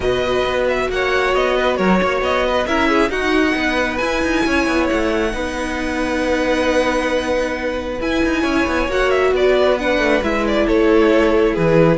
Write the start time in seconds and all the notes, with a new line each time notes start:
0.00 B2 F#4 B4 D#5
0.44 B3
0.68 E5
0.89 A#3 C#5 F#5
1.34 B3 D#5
1.57 B4
1.76 F#3 A#4 C#5
2.02 A#3 C#5
2.21 B3 D#5
2.46 B4
2.66 C#4 E4 A#4 E5
2.89 G#4
3.09 D#4 F#4 F#5
3.54 B3 B4
3.97 E4 G#5
4.22 D#4
4.46 C#4 C#5
4.66 B3
4.89 A3 F#5
5.31 B3 D#4 B4
8.00 E4 G#5
8.25 D#4
8.41 C#4 C#5
8.67 B3
8.87 A#3 F#4 F#5
9.10 E5
9.32 B3 B4 D5
9.78 D4 F#5
9.98 A3
10.22 G#3 E4 E5
10.46 D5
10.66 A3 A4 C#5
11.52 E3 G#4 B4